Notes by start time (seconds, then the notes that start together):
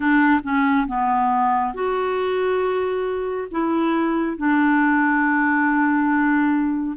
0.00 D4
0.43 C#4
0.87 B3
1.74 F#4
3.51 E4
4.37 D4